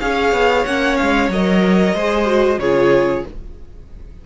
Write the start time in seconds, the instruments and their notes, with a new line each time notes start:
0.00 cello C#4, viola G#4, violin C#5 F5
0.32 cello B3
0.65 cello A#3, viola C#4, violin F#5
0.97 cello G#3, violin F5
1.29 cello F#3, viola A#4, violin D#5
1.94 cello G#3, viola G#4, violin C5
2.25 viola F#4
2.58 cello C#3, viola F4, violin G#4 C#5